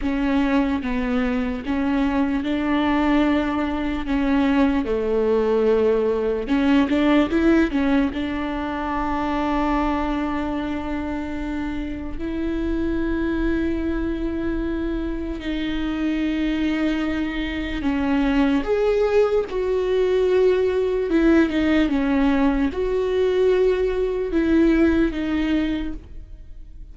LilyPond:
\new Staff \with { instrumentName = "viola" } { \time 4/4 \tempo 4 = 74 cis'4 b4 cis'4 d'4~ | d'4 cis'4 a2 | cis'8 d'8 e'8 cis'8 d'2~ | d'2. e'4~ |
e'2. dis'4~ | dis'2 cis'4 gis'4 | fis'2 e'8 dis'8 cis'4 | fis'2 e'4 dis'4 | }